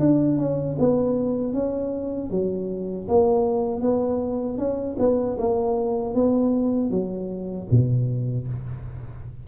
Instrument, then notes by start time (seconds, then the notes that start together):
tuba
0.00 D4
0.38 C#4
0.79 B3
1.53 C#4
2.31 F#3
3.08 A#3
3.81 B3
4.58 C#4
4.99 B3
5.38 A#3
6.15 B3
6.91 F#3
7.71 B2